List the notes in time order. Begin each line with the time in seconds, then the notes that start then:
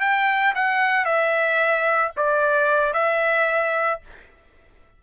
0.00 G5
0.55 F#5
1.04 E5
2.16 D5
2.93 E5